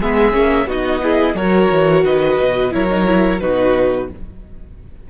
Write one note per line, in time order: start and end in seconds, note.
0.00 0.33 G#3
0.00 0.32 B3
0.00 0.67 G#4
0.00 0.70 E5
0.32 0.66 A#3
0.32 0.66 C#4
0.66 1.34 B3
0.66 1.02 D#4
0.66 1.02 F#4
0.66 1.36 D#5
1.02 1.36 E4
1.02 1.36 G#4
1.34 1.68 F#3
1.34 2.71 F#4
1.34 2.05 A#4
1.34 2.04 C#5
1.71 2.05 E3
2.05 2.39 D#3
2.05 2.73 B4
2.05 2.73 D#5
2.40 2.74 B2
2.71 3.42 F#3
2.71 2.88 E4
2.71 3.42 A#4
2.71 3.40 C#5
2.90 3.05 D#4
3.05 3.39 E4
3.40 4.11 B2
3.40 4.10 D#4
3.40 4.10 F#4
3.40 4.08 B4